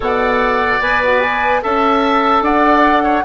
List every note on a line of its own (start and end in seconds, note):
0.00 0.79 B2
0.00 0.80 A4
0.00 1.61 D5
0.00 0.81 F#5
0.81 1.62 B3
0.81 1.62 B4
0.81 1.01 G#5
1.03 1.21 F#4
1.21 1.61 G#5
1.62 2.41 C#4
1.62 3.24 A4
1.62 2.43 E5
1.62 2.44 A5
2.41 3.22 D4
2.41 3.03 D5
2.41 3.24 F#5
3.03 3.23 C#5